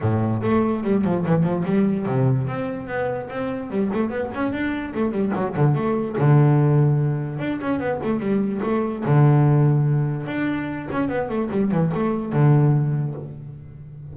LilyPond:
\new Staff \with { instrumentName = "double bass" } { \time 4/4 \tempo 4 = 146 a,4 a4 g8 f8 e8 f8 | g4 c4 c'4 b4 | c'4 g8 a8 b8 cis'8 d'4 | a8 g8 fis8 d8 a4 d4~ |
d2 d'8 cis'8 b8 a8 | g4 a4 d2~ | d4 d'4. cis'8 b8 a8 | g8 e8 a4 d2 | }